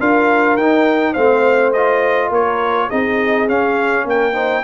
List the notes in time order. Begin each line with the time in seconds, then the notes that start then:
0.00 D4 F4 A#4 F5
0.57 D#4 G5
1.13 A3 C4 C5 F5
1.73 F4 D#5
2.30 A#3 A#4 C#5
2.90 C4 D#4 G#4 D#5
3.49 C#4 F5
4.05 A#3 A#4 G5
4.34 D#4 C5